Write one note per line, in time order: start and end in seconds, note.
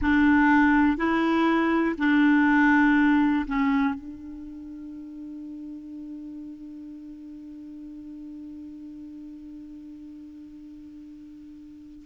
0.01 0.97 D4
0.97 1.95 E4
1.98 3.45 D4
3.46 3.94 C#4
3.94 12.05 D4